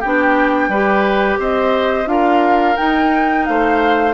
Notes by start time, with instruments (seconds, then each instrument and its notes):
0.00 bassoon B3, clarinet D4, oboe G4, flute G5
0.68 bassoon G3, clarinet G4, oboe B4
1.39 bassoon C4, oboe C5, flute D#5
2.06 bassoon D4, clarinet F4, oboe A#4, flute F5
2.76 clarinet D#4, bassoon D#4, flute G5
3.45 bassoon A3, oboe C5, flute F5